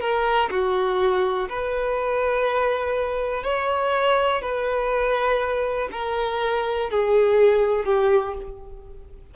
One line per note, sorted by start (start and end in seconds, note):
0.00 0.49 A#4
0.50 1.48 F#4
1.49 3.43 B4
3.43 4.42 C#5
4.42 5.89 B4
5.92 6.90 A#4
6.90 7.85 G#4
7.85 8.34 G4